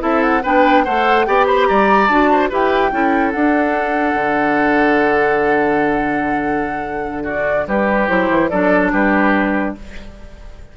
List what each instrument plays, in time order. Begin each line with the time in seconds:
0.00 bassoon C4, clarinet E4, oboe A4, flute E5
0.23 flute F#5
0.43 bassoon B3, clarinet D4, oboe B4, flute G5
0.84 bassoon A3, clarinet A4, oboe C5, flute F#5
1.26 bassoon B3, clarinet G4, oboe D5, flute G5
1.47 oboe C5, flute B5
1.68 bassoon G3, oboe D5, flute A#5
2.08 bassoon D4, clarinet F#4, flute A5
2.32 oboe C5
2.50 bassoon E4, clarinet G4, oboe B4, flute G5
2.93 bassoon C#4, clarinet E4, oboe A4
3.32 clarinet D4, bassoon D4, flute F#5
4.15 bassoon D3
7.24 oboe F#4, flute D5
7.68 bassoon G3, oboe G4, flute B4
8.09 bassoon F#3, clarinet E4, flute C5
8.30 bassoon E3
8.50 bassoon F#3, clarinet D4, oboe A4, flute D5
8.93 bassoon G3, oboe G4, flute B4